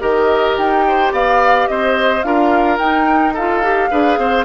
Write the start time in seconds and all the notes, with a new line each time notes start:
0.00 D#3 G4 A#4 D#5
0.57 D#4 G5
0.88 C5
1.12 B3 D5 F5
1.68 C4 C5 D#5
2.23 D4 F4 A#4 F5
2.79 D#4 G5
3.34 F4 A4 F5
3.63 G4
3.91 D4 G#4 B4
4.18 C4 C5